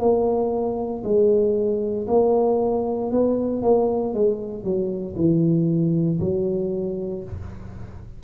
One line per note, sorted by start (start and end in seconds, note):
0.00 1.03 A#3
1.04 2.07 G#3
2.08 3.11 A#3
3.11 3.63 B3
3.63 4.14 A#3
4.14 4.64 G#3
4.64 5.16 F#3
5.16 6.20 E3
6.20 7.24 F#3